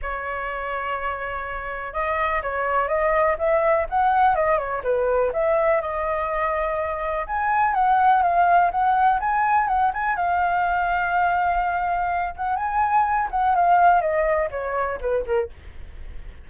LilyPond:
\new Staff \with { instrumentName = "flute" } { \time 4/4 \tempo 4 = 124 cis''1 | dis''4 cis''4 dis''4 e''4 | fis''4 dis''8 cis''8 b'4 e''4 | dis''2. gis''4 |
fis''4 f''4 fis''4 gis''4 | fis''8 gis''8 f''2.~ | f''4. fis''8 gis''4. fis''8 | f''4 dis''4 cis''4 b'8 ais'8 | }